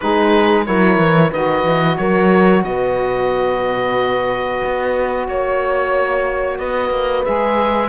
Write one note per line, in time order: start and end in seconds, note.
0.00 0.68 G#3
0.00 0.65 D#4
0.00 0.66 G#4
0.00 0.65 B4
0.65 0.97 F#3
0.65 1.30 E4
0.65 1.30 A#4
0.65 1.32 C#5
0.97 1.30 E3
1.30 1.64 D#3
1.30 7.25 F#4
1.30 1.96 B4
1.30 1.97 D#5
1.64 1.97 E3
1.97 2.64 F#3
1.97 2.64 A#4
1.97 2.63 C#5
2.63 4.61 B2
2.63 5.27 B4
2.63 5.27 D#5
4.64 5.28 B3
5.27 6.58 A#3
5.27 6.58 C#5
6.58 6.90 B3
6.58 7.88 B4
6.58 7.24 D#5
6.90 7.23 A#3
7.24 7.88 G#3
7.24 7.88 G#4
7.24 7.88 E5